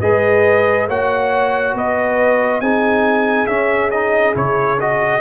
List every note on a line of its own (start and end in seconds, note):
0.00 0.88 G#3
0.00 0.88 G#4
0.00 0.87 B4
0.00 0.87 D#5
0.87 1.73 A#3
0.87 2.62 F#4
0.87 1.74 C#5
0.87 1.76 F#5
1.73 2.60 B3
1.73 2.61 B4
1.73 2.60 D#5
2.60 3.47 C4
2.60 3.47 D#4
2.60 5.20 G#4
2.60 3.46 G#5
3.46 3.91 C#4
3.46 4.34 C#4
3.46 3.90 E5
3.90 4.34 D#4
3.90 4.34 D#5
4.34 5.20 C#3
4.34 4.77 E4
4.34 4.80 C#5
4.80 5.20 F#4
4.80 5.20 D#5